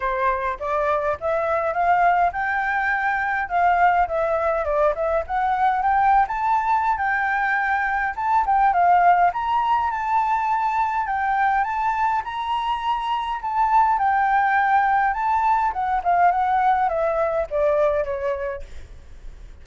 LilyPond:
\new Staff \with { instrumentName = "flute" } { \time 4/4 \tempo 4 = 103 c''4 d''4 e''4 f''4 | g''2 f''4 e''4 | d''8 e''8 fis''4 g''8. a''4~ a''16 | g''2 a''8 g''8 f''4 |
ais''4 a''2 g''4 | a''4 ais''2 a''4 | g''2 a''4 fis''8 f''8 | fis''4 e''4 d''4 cis''4 | }